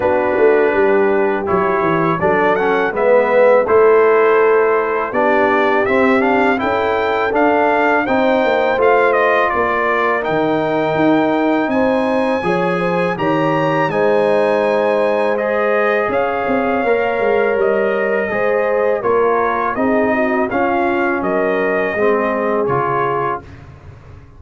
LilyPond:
<<
  \new Staff \with { instrumentName = "trumpet" } { \time 4/4 \tempo 4 = 82 b'2 cis''4 d''8 fis''8 | e''4 c''2 d''4 | e''8 f''8 g''4 f''4 g''4 | f''8 dis''8 d''4 g''2 |
gis''2 ais''4 gis''4~ | gis''4 dis''4 f''2 | dis''2 cis''4 dis''4 | f''4 dis''2 cis''4 | }
  \new Staff \with { instrumentName = "horn" } { \time 4/4 fis'4 g'2 a'4 | b'4 a'2 g'4~ | g'4 a'2 c''4~ | c''4 ais'2. |
c''4 cis''8 c''8 cis''4 c''4~ | c''2 cis''2~ | cis''4 c''4 ais'4 gis'8 fis'8 | f'4 ais'4 gis'2 | }
  \new Staff \with { instrumentName = "trombone" } { \time 4/4 d'2 e'4 d'8 cis'8 | b4 e'2 d'4 | c'8 d'8 e'4 d'4 dis'4 | f'2 dis'2~ |
dis'4 gis'4 g'4 dis'4~ | dis'4 gis'2 ais'4~ | ais'4 gis'4 f'4 dis'4 | cis'2 c'4 f'4 | }
  \new Staff \with { instrumentName = "tuba" } { \time 4/4 b8 a8 g4 fis8 e8 fis4 | gis4 a2 b4 | c'4 cis'4 d'4 c'8 ais8 | a4 ais4 dis4 dis'4 |
c'4 f4 dis4 gis4~ | gis2 cis'8 c'8 ais8 gis8 | g4 gis4 ais4 c'4 | cis'4 fis4 gis4 cis4 | }
>>